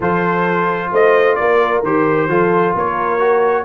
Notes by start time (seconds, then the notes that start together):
0.00 F3 F4 A4 C5
0.91 A3 C5 D#5
1.35 A#3 A#4 D5
1.82 D#3 G4 C5
2.28 F3 F4 A4
2.74 A#3 A#4 C#5
3.19 F#4